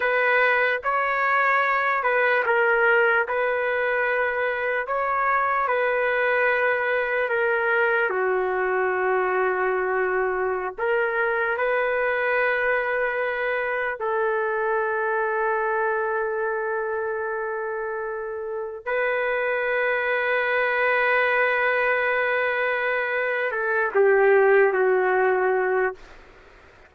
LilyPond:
\new Staff \with { instrumentName = "trumpet" } { \time 4/4 \tempo 4 = 74 b'4 cis''4. b'8 ais'4 | b'2 cis''4 b'4~ | b'4 ais'4 fis'2~ | fis'4~ fis'16 ais'4 b'4.~ b'16~ |
b'4~ b'16 a'2~ a'8.~ | a'2.~ a'16 b'8.~ | b'1~ | b'4 a'8 g'4 fis'4. | }